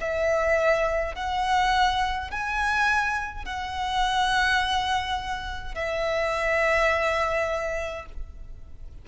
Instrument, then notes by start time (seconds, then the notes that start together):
violin
0.00 E5
1.15 F#5
2.31 G#5
3.45 F#5
5.75 E5